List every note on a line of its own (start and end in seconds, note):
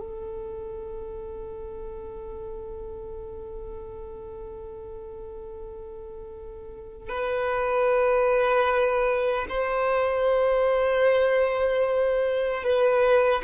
0.00 7.09 A4
7.09 9.46 B4
9.49 12.64 C5
12.64 13.42 B4